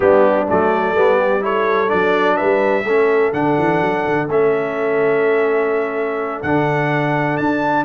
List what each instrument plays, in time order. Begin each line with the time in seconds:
0.00 tuba G3, trombone B3, horn D4, trumpet G4
0.48 tuba F#3, trombone A3, trumpet D5
0.73 horn A4
0.95 tuba G3, trombone B3
1.19 horn G4
1.40 trombone E4, horn A4, trumpet C#5
1.88 tuba F#3, trombone D4, trumpet D5
2.36 tuba G3, horn B4, trumpet E5
2.84 tuba A3, trombone C#4, horn A4
3.33 tuba D3, trombone D4, trumpet F#5
3.57 tuba E3
3.81 tuba F#3
4.06 tuba D3
4.27 tuba A3, trombone C#4, trumpet E5
6.42 tuba D3, trombone D4, trumpet F#5
7.37 tuba D4, trumpet A5